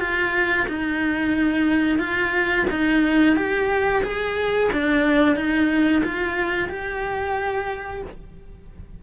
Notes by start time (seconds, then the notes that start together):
0.00 F4
0.68 D#4
1.99 F4
2.70 D#4
3.36 G4
4.03 G#4
4.72 D4
5.36 D#4
6.04 F4
6.69 G4